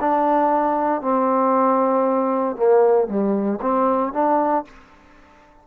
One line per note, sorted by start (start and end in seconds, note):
0.00 1.02 D4
1.02 2.56 C4
2.56 3.08 A#3
3.08 3.59 G3
3.61 4.13 C4
4.13 4.65 D4